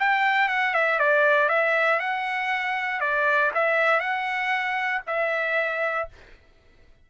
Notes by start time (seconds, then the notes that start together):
0.00 G5
0.49 F#5
0.74 E5
0.99 D5
1.49 E5
1.99 F#5
3.01 D5
3.55 E5
4.00 F#5
5.07 E5